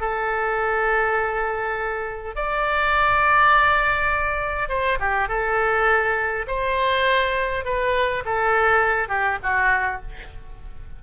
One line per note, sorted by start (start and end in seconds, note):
0.00 2.35 A4
2.36 4.69 D5
4.69 4.98 C5
4.99 5.28 G4
5.28 6.46 A4
6.47 7.65 C5
7.65 8.24 B4
8.25 9.08 A4
9.08 9.38 G4
9.43 10.02 F#4